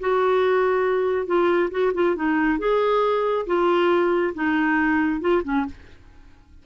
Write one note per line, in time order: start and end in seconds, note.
0.00 1.26 F#4
1.26 1.70 F4
1.71 1.92 F#4
1.94 2.16 F4
2.16 2.59 D#4
2.59 3.46 G#4
3.47 4.34 F4
4.34 5.21 D#4
5.21 5.43 F4
5.44 5.66 C#4